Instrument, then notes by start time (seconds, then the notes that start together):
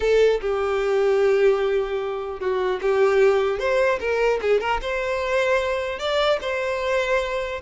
violin
0.00 A4
0.41 G4
2.39 F#4
2.81 G4
3.59 C5
4.00 A#4
4.41 G#4
4.60 A#4
4.81 C5
5.99 D5
6.41 C5